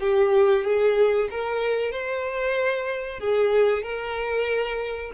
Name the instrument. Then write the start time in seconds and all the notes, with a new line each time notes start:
violin
0.00 G4
0.64 G#4
1.30 A#4
1.92 C5
3.20 G#4
3.83 A#4